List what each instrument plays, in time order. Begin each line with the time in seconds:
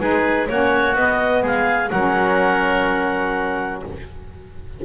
0.00 double bass G#3, saxophone D#4, oboe G#4, clarinet B4
0.48 double bass A#3, saxophone C#4, oboe F#4, clarinet C#5
0.95 saxophone B3, double bass B3, clarinet D#5
1.42 double bass G#3, oboe G#4, clarinet F5
1.90 double bass F#3, saxophone C#4, oboe A#4, clarinet F#5